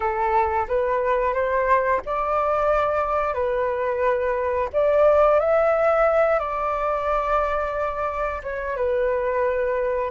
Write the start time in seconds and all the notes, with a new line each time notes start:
0.00 A4
0.68 B4
1.33 C5
2.05 D5
3.34 B4
4.72 D5
5.39 E5
6.39 D5
8.43 C#5
8.76 B4